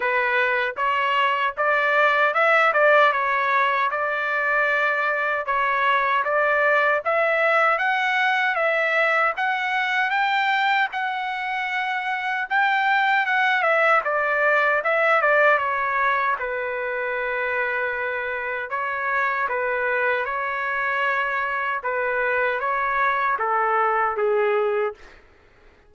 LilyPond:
\new Staff \with { instrumentName = "trumpet" } { \time 4/4 \tempo 4 = 77 b'4 cis''4 d''4 e''8 d''8 | cis''4 d''2 cis''4 | d''4 e''4 fis''4 e''4 | fis''4 g''4 fis''2 |
g''4 fis''8 e''8 d''4 e''8 d''8 | cis''4 b'2. | cis''4 b'4 cis''2 | b'4 cis''4 a'4 gis'4 | }